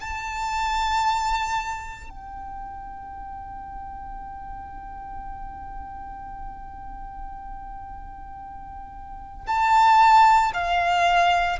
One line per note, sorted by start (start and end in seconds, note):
0.00 2.09 A5
2.09 9.46 G5
9.47 10.52 A5
10.53 11.58 F5